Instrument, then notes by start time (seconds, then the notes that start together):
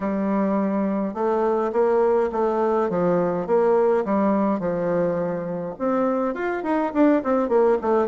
bassoon
0.00 G3
1.14 A3
1.72 A#3
2.32 A3
2.89 F3
3.46 A#3
4.04 G3
4.59 F3
5.78 C4
6.34 F4
6.63 D#4
6.93 D4
7.23 C4
7.48 A#3
7.81 A3